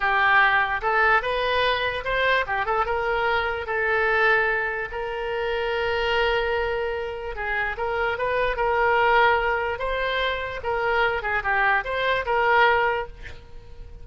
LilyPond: \new Staff \with { instrumentName = "oboe" } { \time 4/4 \tempo 4 = 147 g'2 a'4 b'4~ | b'4 c''4 g'8 a'8 ais'4~ | ais'4 a'2. | ais'1~ |
ais'2 gis'4 ais'4 | b'4 ais'2. | c''2 ais'4. gis'8 | g'4 c''4 ais'2 | }